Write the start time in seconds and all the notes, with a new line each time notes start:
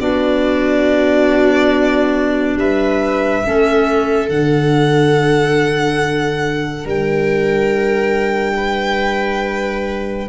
0.00 B3 D4 F#4 D5
2.56 G3 B4 E5
3.45 A3 C#4 A4
4.29 D3 D4 F#5
6.84 G3 A#4 G5
8.57 B4